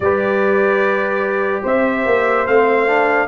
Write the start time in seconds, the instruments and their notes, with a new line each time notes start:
0.00 tuba G3, trombone G4, horn B4, trumpet D5
1.62 tuba C4, horn C5, trumpet E5
2.05 tuba A#3
2.46 tuba A3, trombone C4, trumpet F5
2.87 trombone D4